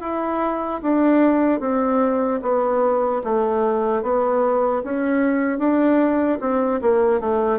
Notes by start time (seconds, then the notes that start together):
0.00 E4
0.82 D4
1.60 C4
2.42 B3
3.23 A3
4.02 B3
4.83 C#4
5.58 D4
6.40 C4
6.81 A#3
7.20 A3